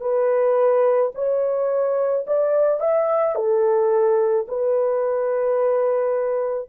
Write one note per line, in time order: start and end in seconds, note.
0.00 1.11 B4
1.14 2.25 C#5
2.26 2.80 D5
2.80 3.35 E5
3.35 4.46 A4
4.47 6.69 B4